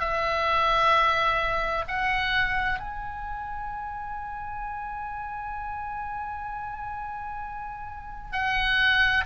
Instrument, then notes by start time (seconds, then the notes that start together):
oboe
0.00 E5
1.88 F#5
2.79 G#5
8.32 F#5